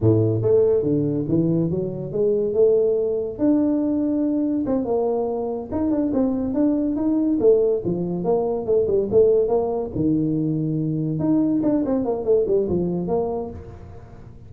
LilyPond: \new Staff \with { instrumentName = "tuba" } { \time 4/4 \tempo 4 = 142 a,4 a4 d4 e4 | fis4 gis4 a2 | d'2. c'8 ais8~ | ais4. dis'8 d'8 c'4 d'8~ |
d'8 dis'4 a4 f4 ais8~ | ais8 a8 g8 a4 ais4 dis8~ | dis2~ dis8 dis'4 d'8 | c'8 ais8 a8 g8 f4 ais4 | }